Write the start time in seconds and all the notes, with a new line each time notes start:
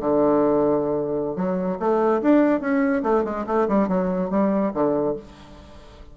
0.00 D3
1.35 F#3
1.79 A3
2.21 D4
2.60 C#4
3.03 A3
3.24 G#3
3.46 A3
3.68 G3
3.88 F#3
4.30 G3
4.73 D3